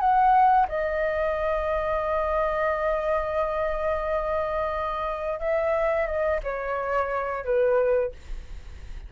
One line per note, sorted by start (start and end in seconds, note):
0.00 0.67 F#5
0.69 5.40 D#5
5.40 6.07 E5
6.07 6.41 D#5
6.44 7.45 C#5
7.45 8.12 B4